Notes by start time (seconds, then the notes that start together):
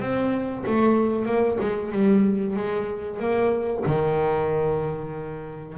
0.00 C4
0.66 A3
1.26 A#3
1.60 G#3
1.92 G3
2.56 G#3
3.20 A#3
3.86 D#3